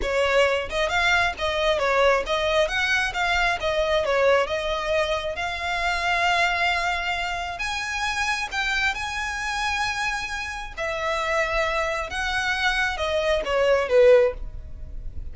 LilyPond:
\new Staff \with { instrumentName = "violin" } { \time 4/4 \tempo 4 = 134 cis''4. dis''8 f''4 dis''4 | cis''4 dis''4 fis''4 f''4 | dis''4 cis''4 dis''2 | f''1~ |
f''4 gis''2 g''4 | gis''1 | e''2. fis''4~ | fis''4 dis''4 cis''4 b'4 | }